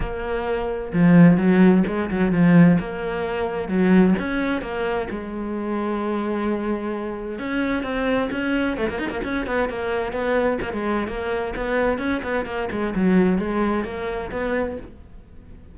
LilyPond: \new Staff \with { instrumentName = "cello" } { \time 4/4 \tempo 4 = 130 ais2 f4 fis4 | gis8 fis8 f4 ais2 | fis4 cis'4 ais4 gis4~ | gis1 |
cis'4 c'4 cis'4 a16 ais16 dis'16 ais16 | cis'8 b8 ais4 b4 ais16 gis8. | ais4 b4 cis'8 b8 ais8 gis8 | fis4 gis4 ais4 b4 | }